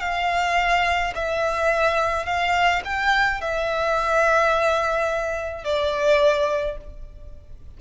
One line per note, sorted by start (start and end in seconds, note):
0.00 1.13 F5
1.15 2.25 E5
2.25 2.82 F5
2.85 3.41 G5
3.41 5.64 E5
5.64 6.77 D5